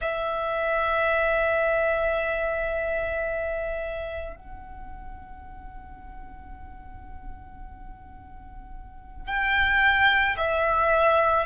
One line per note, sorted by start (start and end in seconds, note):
0.00 4.36 E5
4.36 9.26 F#5
9.26 10.35 G5
10.37 11.45 E5